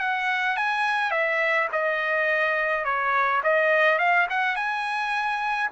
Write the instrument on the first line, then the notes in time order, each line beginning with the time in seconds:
trumpet
0.00 F#5
0.57 G#5
1.12 E5
1.73 D#5
2.85 C#5
3.44 D#5
3.99 F5
4.30 F#5
4.56 G#5